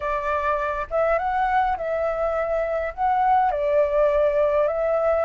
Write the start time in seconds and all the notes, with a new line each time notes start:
0.00 D5
0.90 E5
1.18 F#5
1.77 E5
2.93 F#5
3.51 D5
4.67 E5